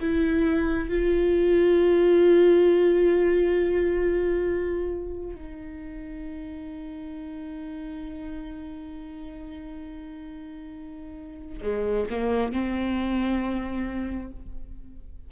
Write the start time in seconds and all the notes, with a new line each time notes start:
0.00 E4
0.89 F4
5.36 D#4
11.61 G#3
12.10 A#3
12.52 C4